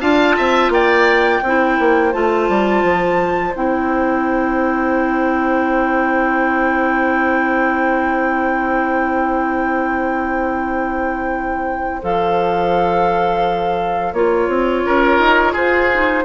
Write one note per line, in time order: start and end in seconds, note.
0.00 0.37 D4
0.00 1.42 F4
0.00 0.36 F5
0.00 0.71 A5
0.37 0.69 C4
0.37 0.72 E5
0.69 1.40 A#3
0.69 1.43 D5
0.69 2.13 G5
1.43 1.78 C4
1.43 2.13 E4
1.43 14.84 C5
1.79 2.14 A#3
2.13 2.49 A3
2.13 3.54 F4
2.13 3.54 A5
2.49 2.83 G3
2.83 3.54 F3
3.55 12.02 C4
3.55 12.02 E4
3.55 12.03 G5
12.02 14.13 F3
12.02 14.14 A4
12.02 14.14 F5
14.13 14.48 A#3
14.13 15.92 F4
14.13 15.55 C#5
14.48 14.84 C4
14.84 15.19 C#4
14.84 15.53 A#4
15.19 15.54 D#4
15.53 16.25 F4
15.53 16.23 G#4
15.53 16.25 C5
15.92 16.25 D#4